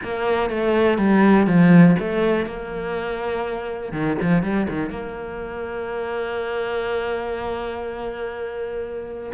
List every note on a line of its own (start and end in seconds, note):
0.03 0.50 A#3
0.50 0.98 A3
0.98 1.46 G3
1.46 1.96 F3
1.99 2.46 A3
2.46 3.92 A#3
3.92 4.16 D#3
4.21 4.42 F3
4.42 4.67 G3
4.69 4.90 D#3
4.90 9.32 A#3